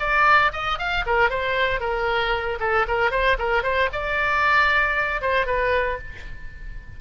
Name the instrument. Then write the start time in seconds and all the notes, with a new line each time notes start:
oboe
0.00 D5
0.53 D#5
0.79 F5
1.06 A#4
1.30 C5
1.81 A#4
2.60 A4
2.88 A#4
3.11 C5
3.39 A#4
3.63 C5
3.93 D5
5.22 C5
5.46 B4